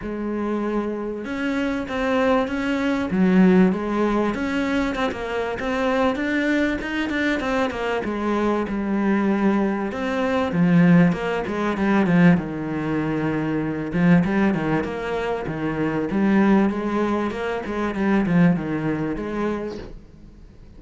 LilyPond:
\new Staff \with { instrumentName = "cello" } { \time 4/4 \tempo 4 = 97 gis2 cis'4 c'4 | cis'4 fis4 gis4 cis'4 | c'16 ais8. c'4 d'4 dis'8 d'8 | c'8 ais8 gis4 g2 |
c'4 f4 ais8 gis8 g8 f8 | dis2~ dis8 f8 g8 dis8 | ais4 dis4 g4 gis4 | ais8 gis8 g8 f8 dis4 gis4 | }